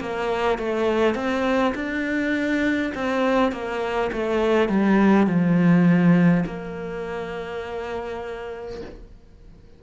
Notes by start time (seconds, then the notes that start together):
0.00 A#3
0.59 A3
1.15 C4
1.75 D4
2.95 C4
3.52 A#3
4.12 A3
4.69 G3
5.27 F3
6.46 A#3